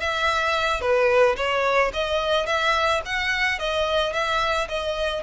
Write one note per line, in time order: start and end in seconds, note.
0.00 0.81 E5
0.81 1.36 B4
1.37 1.92 C#5
1.94 2.46 D#5
2.46 3.02 E5
3.06 3.60 F#5
3.60 4.13 D#5
4.13 4.68 E5
4.69 5.24 D#5